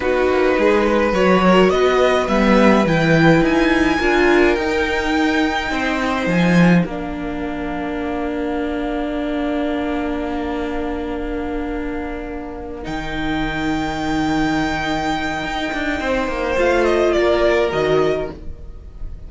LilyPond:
<<
  \new Staff \with { instrumentName = "violin" } { \time 4/4 \tempo 4 = 105 b'2 cis''4 dis''4 | e''4 g''4 gis''2 | g''2. gis''4 | f''1~ |
f''1~ | f''2~ f''8 g''4.~ | g''1~ | g''4 f''8 dis''8 d''4 dis''4 | }
  \new Staff \with { instrumentName = "violin" } { \time 4/4 fis'4 gis'8 b'4 ais'8 b'4~ | b'2. ais'4~ | ais'2 c''2 | ais'1~ |
ais'1~ | ais'1~ | ais'1 | c''2 ais'2 | }
  \new Staff \with { instrumentName = "viola" } { \time 4/4 dis'2 fis'2 | b4 e'2 f'4 | dis'1 | d'1~ |
d'1~ | d'2~ d'8 dis'4.~ | dis'1~ | dis'4 f'2 fis'4 | }
  \new Staff \with { instrumentName = "cello" } { \time 4/4 b8 ais8 gis4 fis4 b4 | g4 e4 dis'4 d'4 | dis'2 c'4 f4 | ais1~ |
ais1~ | ais2~ ais8 dis4.~ | dis2. dis'8 d'8 | c'8 ais8 a4 ais4 dis4 | }
>>